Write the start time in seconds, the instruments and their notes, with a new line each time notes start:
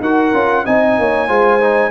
0.00 tuba D#4, trombone F#4, horn A#4, trumpet F#5
0.33 tuba C#4, trombone F4
0.65 tuba C4, trombone D#4, horn D#5, trumpet G#5
0.98 tuba A#3, horn C#5
1.28 tuba G#3, trombone F4, horn C5
1.60 trombone D#4